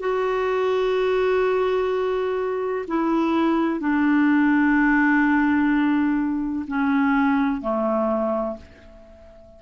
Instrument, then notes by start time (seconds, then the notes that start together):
clarinet
0.00 F#4
2.88 E4
3.80 D4
6.68 C#4
7.61 A3